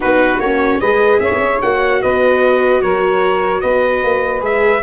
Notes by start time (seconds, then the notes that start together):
0.00 B3 D#4 F#4 B4
0.38 A#3 C#4 C#5
0.80 G#3 G#4 B4 D#5
1.19 C#4 C#5 E5
1.30 B3
1.38 C#4
1.61 A#3 F#4 F#5
2.01 B3 B4 D#5
2.81 F#3 A#4 C#5
3.60 B3 B4 D#5
4.03 A#3
4.40 G#3 G#4 E5